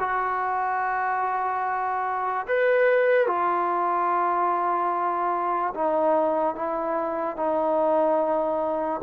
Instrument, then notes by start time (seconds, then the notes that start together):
trombone
0.00 F#4
2.48 B4
3.27 F4
5.75 D#4
6.55 E4
7.37 D#4